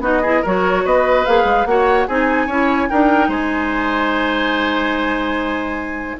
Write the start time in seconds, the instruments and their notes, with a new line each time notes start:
0.00 bassoon B3, clarinet D#4, oboe F#4, flute D#5
0.21 clarinet E4, oboe G#4
0.41 bassoon F#3, clarinet F#4, oboe A#4, flute C#5
0.85 bassoon B3, oboe B4, flute D#5
1.25 bassoon A#3, clarinet G#4, flute F5
1.44 bassoon G#3
1.65 bassoon A#3, clarinet F#4, oboe C#5, flute F#5
2.07 bassoon C4, clarinet D#4, oboe G#4, flute G#5
2.46 bassoon C#4, clarinet E4, oboe C#5
2.89 bassoon D4, clarinet D#4, oboe A#4, flute G5
3.28 bassoon G#3, oboe C5, flute G#5